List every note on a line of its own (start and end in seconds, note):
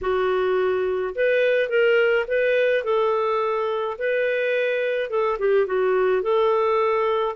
0.01 1.14 F#4
1.15 1.69 B4
1.69 2.25 A#4
2.27 2.84 B4
2.84 3.97 A4
3.98 5.09 B4
5.09 5.38 A4
5.39 5.66 G4
5.66 6.22 F#4
6.22 7.35 A4